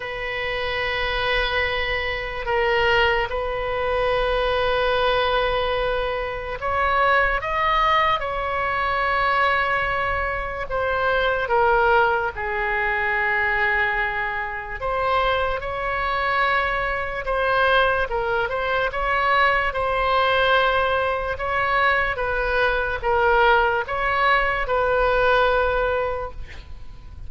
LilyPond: \new Staff \with { instrumentName = "oboe" } { \time 4/4 \tempo 4 = 73 b'2. ais'4 | b'1 | cis''4 dis''4 cis''2~ | cis''4 c''4 ais'4 gis'4~ |
gis'2 c''4 cis''4~ | cis''4 c''4 ais'8 c''8 cis''4 | c''2 cis''4 b'4 | ais'4 cis''4 b'2 | }